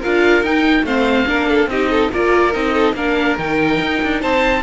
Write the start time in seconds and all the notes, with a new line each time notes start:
0.00 D4 F4 A#4 F5
0.43 D#4 G5
0.83 A3 C4 C5 F5
1.27 A#3 D4 A#4
1.49 A4
1.67 C4 D#4 G4 D#5
1.91 A4
2.13 A#3 F4 A#4 D5
2.53 C4 D#4 D#5
2.74 A4
2.94 A#3 D4 A#4 F5
3.39 D#3 D#4 G5
3.81 D#4
4.03 D4
4.21 C4 C5 A5